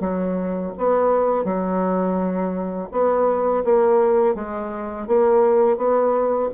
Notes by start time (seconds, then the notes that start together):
0.00 F#3
0.78 B3
1.44 F#3
2.92 B3
3.64 A#3
4.35 G#3
5.07 A#3
5.77 B3